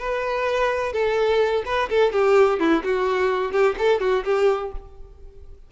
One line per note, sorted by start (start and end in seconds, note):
0.00 0.93 B4
0.93 1.64 A4
1.66 1.89 B4
1.90 2.13 A4
2.13 2.60 G4
2.60 2.83 E4
2.84 3.52 F#4
3.52 3.76 G4
3.79 4.01 A4
4.01 4.24 F#4
4.25 4.72 G4